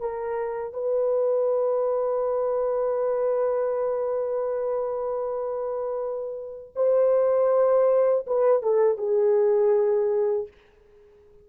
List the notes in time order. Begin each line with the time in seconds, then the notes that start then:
0.00 A#4
0.73 B4
6.76 C5
8.27 B4
8.62 A4
8.98 G#4